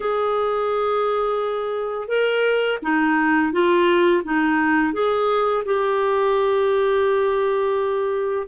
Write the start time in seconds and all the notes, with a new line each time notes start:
0.00 G#4
2.08 A#4
2.82 D#4
3.52 F4
4.24 D#4
4.93 G#4
5.65 G4